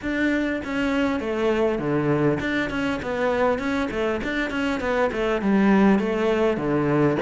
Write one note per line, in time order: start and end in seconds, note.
0.02 0.62 D4
0.64 1.19 C#4
1.19 1.78 A3
1.78 2.38 D3
2.40 2.70 D4
2.70 3.00 C#4
3.02 3.58 B3
3.58 3.88 C#4
3.91 4.21 A3
4.23 4.50 D4
4.50 4.80 C#4
4.80 5.10 B3
5.12 5.41 A3
5.41 5.99 G3
5.99 6.57 A3
6.57 7.17 D3